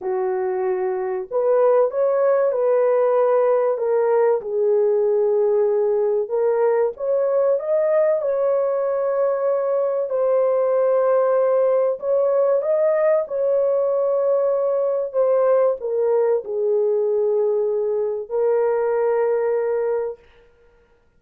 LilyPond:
\new Staff \with { instrumentName = "horn" } { \time 4/4 \tempo 4 = 95 fis'2 b'4 cis''4 | b'2 ais'4 gis'4~ | gis'2 ais'4 cis''4 | dis''4 cis''2. |
c''2. cis''4 | dis''4 cis''2. | c''4 ais'4 gis'2~ | gis'4 ais'2. | }